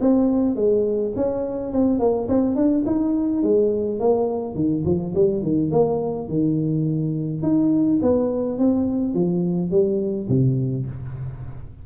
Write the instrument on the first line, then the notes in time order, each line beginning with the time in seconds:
tuba
0.00 C4
0.55 G#3
1.16 C#4
1.72 C4
1.99 A#3
2.28 C4
2.55 D4
2.86 D#4
3.43 G#3
3.99 A#3
4.55 D#3
4.85 F3
5.14 G3
5.42 D#3
5.71 A#3
6.28 D#3
7.42 D#4
8.02 B3
8.58 C4
9.14 F3
9.70 G3
10.29 C3